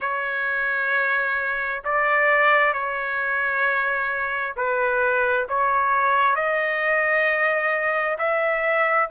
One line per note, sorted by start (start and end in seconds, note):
0.00 1.82 C#5
1.84 2.73 D5
2.73 4.55 C#5
4.56 5.47 B4
5.48 6.35 C#5
6.35 8.17 D#5
8.18 9.09 E5